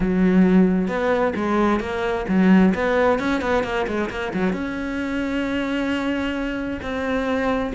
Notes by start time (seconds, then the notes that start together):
0.00 F#3
0.88 B3
1.35 G#3
1.80 A#3
2.28 F#3
2.74 B3
3.19 C#4
3.41 B3
3.63 A#3
3.87 G#3
4.10 A#3
4.33 F#3
4.52 C#4
6.81 C4